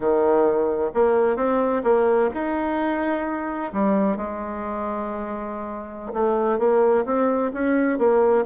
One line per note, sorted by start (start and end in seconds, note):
0.00 0.91 D#3
0.94 1.36 A#3
1.36 1.82 C4
1.83 2.29 A#3
2.33 3.72 D#4
3.73 4.16 G3
4.16 6.13 G#3
6.13 6.58 A3
6.58 7.04 A#3
7.05 7.51 C4
7.53 7.98 C#4
7.98 8.44 A#3